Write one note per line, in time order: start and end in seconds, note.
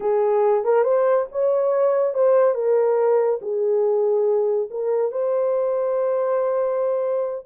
0.00 0.64 G#4
0.64 0.83 A#4
0.83 1.26 C5
1.31 2.14 C#5
2.14 2.54 C5
2.54 3.39 A#4
3.41 4.69 G#4
4.70 5.11 A#4
5.11 7.45 C5